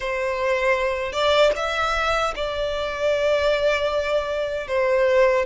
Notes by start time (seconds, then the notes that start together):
0.00 C5
1.12 D5
1.56 E5
2.35 D5
4.67 C5